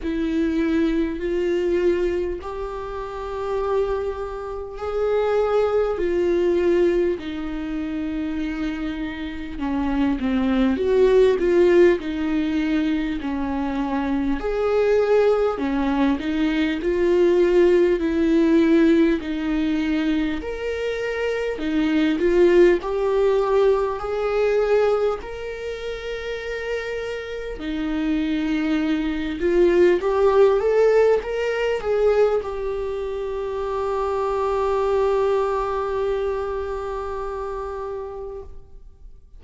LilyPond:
\new Staff \with { instrumentName = "viola" } { \time 4/4 \tempo 4 = 50 e'4 f'4 g'2 | gis'4 f'4 dis'2 | cis'8 c'8 fis'8 f'8 dis'4 cis'4 | gis'4 cis'8 dis'8 f'4 e'4 |
dis'4 ais'4 dis'8 f'8 g'4 | gis'4 ais'2 dis'4~ | dis'8 f'8 g'8 a'8 ais'8 gis'8 g'4~ | g'1 | }